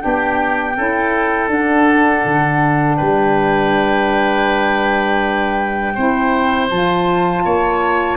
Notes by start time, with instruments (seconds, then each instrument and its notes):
0.00 tuba B3, saxophone D4, oboe G4, flute G5
0.76 tuba C#4, saxophone E4, oboe A4
1.49 tuba D4, saxophone D4, flute F#5
2.26 tuba D3
2.97 tuba G3, oboe B4, flute G5
5.95 tuba C4, saxophone E4, oboe C5
6.70 tuba F3, saxophone F4, flute A5
7.45 tuba A#3, oboe C#5